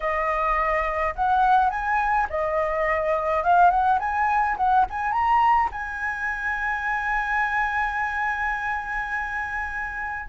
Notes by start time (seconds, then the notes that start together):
0.00 D#5
1.15 F#5
1.70 G#5
2.29 D#5
3.43 F5
3.70 F#5
3.99 G#5
4.57 F#5
4.90 G#5
5.12 A#5
5.71 G#5